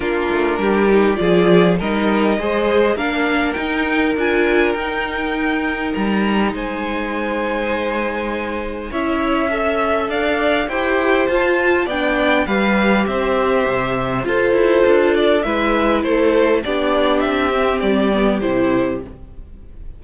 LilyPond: <<
  \new Staff \with { instrumentName = "violin" } { \time 4/4 \tempo 4 = 101 ais'2 d''4 dis''4~ | dis''4 f''4 g''4 gis''4 | g''2 ais''4 gis''4~ | gis''2. e''4~ |
e''4 f''4 g''4 a''4 | g''4 f''4 e''2 | c''4. d''8 e''4 c''4 | d''4 e''4 d''4 c''4 | }
  \new Staff \with { instrumentName = "violin" } { \time 4/4 f'4 g'4 gis'4 ais'4 | c''4 ais'2.~ | ais'2. c''4~ | c''2. cis''4 |
e''4 d''4 c''2 | d''4 b'4 c''2 | a'2 b'4 a'4 | g'1 | }
  \new Staff \with { instrumentName = "viola" } { \time 4/4 d'4. dis'8 f'4 dis'4 | gis'4 d'4 dis'4 f'4 | dis'1~ | dis'2. e'4 |
a'2 g'4 f'4 | d'4 g'2. | f'2 e'2 | d'4. c'4 b8 e'4 | }
  \new Staff \with { instrumentName = "cello" } { \time 4/4 ais8 a8 g4 f4 g4 | gis4 ais4 dis'4 d'4 | dis'2 g4 gis4~ | gis2. cis'4~ |
cis'4 d'4 e'4 f'4 | b4 g4 c'4 c4 | f'8 e'8 d'4 gis4 a4 | b4 c'4 g4 c4 | }
>>